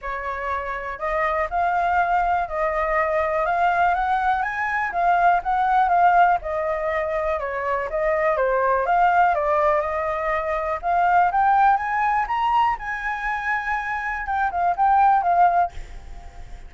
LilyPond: \new Staff \with { instrumentName = "flute" } { \time 4/4 \tempo 4 = 122 cis''2 dis''4 f''4~ | f''4 dis''2 f''4 | fis''4 gis''4 f''4 fis''4 | f''4 dis''2 cis''4 |
dis''4 c''4 f''4 d''4 | dis''2 f''4 g''4 | gis''4 ais''4 gis''2~ | gis''4 g''8 f''8 g''4 f''4 | }